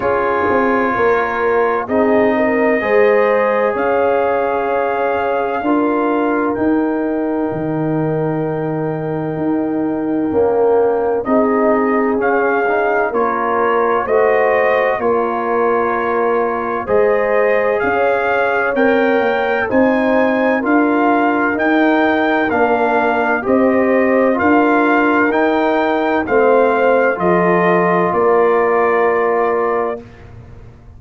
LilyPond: <<
  \new Staff \with { instrumentName = "trumpet" } { \time 4/4 \tempo 4 = 64 cis''2 dis''2 | f''2. g''4~ | g''1 | dis''4 f''4 cis''4 dis''4 |
cis''2 dis''4 f''4 | g''4 gis''4 f''4 g''4 | f''4 dis''4 f''4 g''4 | f''4 dis''4 d''2 | }
  \new Staff \with { instrumentName = "horn" } { \time 4/4 gis'4 ais'4 gis'8 ais'8 c''4 | cis''2 ais'2~ | ais'1 | gis'2 ais'4 c''4 |
ais'2 c''4 cis''4~ | cis''4 c''4 ais'2~ | ais'4 c''4 ais'2 | c''4 a'4 ais'2 | }
  \new Staff \with { instrumentName = "trombone" } { \time 4/4 f'2 dis'4 gis'4~ | gis'2 f'4 dis'4~ | dis'2. ais4 | dis'4 cis'8 dis'8 f'4 fis'4 |
f'2 gis'2 | ais'4 dis'4 f'4 dis'4 | d'4 g'4 f'4 dis'4 | c'4 f'2. | }
  \new Staff \with { instrumentName = "tuba" } { \time 4/4 cis'8 c'8 ais4 c'4 gis4 | cis'2 d'4 dis'4 | dis2 dis'4 cis'4 | c'4 cis'4 ais4 a4 |
ais2 gis4 cis'4 | c'8 ais8 c'4 d'4 dis'4 | ais4 c'4 d'4 dis'4 | a4 f4 ais2 | }
>>